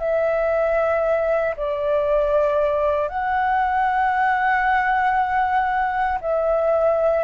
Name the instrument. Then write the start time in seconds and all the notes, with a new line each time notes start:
flute
0.00 E5
1.57 D5
3.09 F#5
6.22 E5